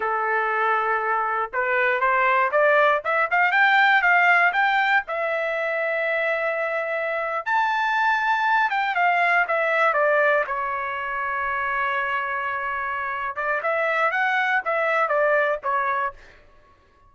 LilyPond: \new Staff \with { instrumentName = "trumpet" } { \time 4/4 \tempo 4 = 119 a'2. b'4 | c''4 d''4 e''8 f''8 g''4 | f''4 g''4 e''2~ | e''2~ e''8. a''4~ a''16~ |
a''4~ a''16 g''8 f''4 e''4 d''16~ | d''8. cis''2.~ cis''16~ | cis''2~ cis''8 d''8 e''4 | fis''4 e''4 d''4 cis''4 | }